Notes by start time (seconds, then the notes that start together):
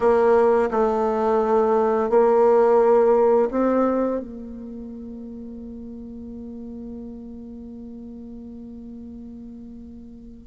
0.00 A#3
0.70 A3
2.09 A#3
3.51 C4
4.20 A#3